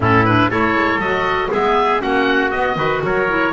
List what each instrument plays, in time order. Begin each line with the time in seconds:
0.00 double bass A2, clarinet C#4, trumpet E4, oboe A4
0.24 clarinet D4, oboe B4
0.49 double bass A3, clarinet E4, trumpet A4, oboe C#5
0.74 double bass G#3
0.98 double bass F#3, clarinet F#4, oboe D#5
1.51 double bass G#3, clarinet B3, trumpet G#4, oboe E5
2.00 double bass A#3, clarinet C#4, trumpet F#4, oboe F#5
2.51 clarinet B3, double bass B3, oboe D#5
2.76 double bass D#3, clarinet F#4, trumpet B4
3.03 double bass F#3, trumpet A#4, oboe C#5
3.28 clarinet E4